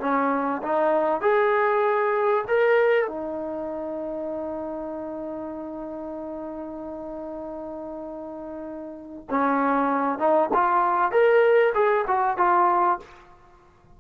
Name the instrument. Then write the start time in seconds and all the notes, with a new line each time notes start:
trombone
0.00 C#4
0.62 D#4
1.21 G#4
2.48 A#4
3.08 D#4
9.30 C#4
10.19 D#4
10.54 F4
11.11 A#4
11.74 G#4
12.07 F#4
12.37 F4